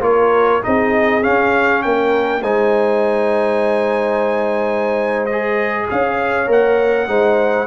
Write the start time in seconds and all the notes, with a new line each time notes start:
0.00 A#3 F4 A#4 C#5
0.62 C4 D#4 G#4 D#5
1.22 C#4 F5
1.82 A#3 A#4 G5
2.42 G#3 D#4 C5 G#5
5.26 G#4 D#5
5.90 C#4 C#5 F5
6.46 A#3 A#4 F#5
7.07 G#3 D#4 C5